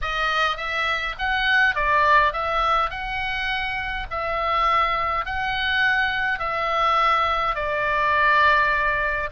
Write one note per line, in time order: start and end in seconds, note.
0.01 0.57 D#5
0.57 1.15 E5
1.18 1.75 F#5
1.75 2.32 D5
2.32 2.90 E5
2.90 4.06 F#5
4.10 5.25 E5
5.25 6.39 F#5
6.39 7.55 E5
7.55 9.29 D5